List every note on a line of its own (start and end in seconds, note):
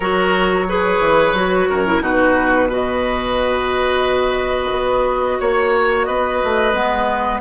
0.00 1.00 F#3
0.00 0.69 F#4
0.00 0.66 A#4
0.00 2.01 C#5
0.68 1.35 G#4
0.68 1.69 B4
1.00 1.33 E3
1.33 1.66 F#3
1.33 1.86 F#4
1.69 2.01 F#2
1.69 2.02 A#4
1.86 2.01 E4
2.01 4.71 B2
2.01 2.69 D#4
2.01 2.68 F#4
2.01 2.71 B4
2.68 6.74 F#4
2.68 5.38 B4
2.68 5.41 D#5
4.71 5.39 B3
5.39 6.07 A#3
5.39 6.06 C#5
5.39 6.04 C#5
6.04 6.41 B3
6.04 7.41 B4
6.04 7.39 D#5
6.43 6.72 A3
6.72 7.40 G#3
6.72 7.41 B3